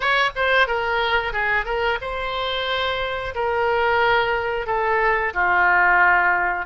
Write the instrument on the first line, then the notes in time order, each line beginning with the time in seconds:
oboe
0.00 C#5
0.35 C5
0.67 A#4
1.32 G#4
1.65 A#4
2.01 C5
3.34 A#4
4.66 A4
5.33 F4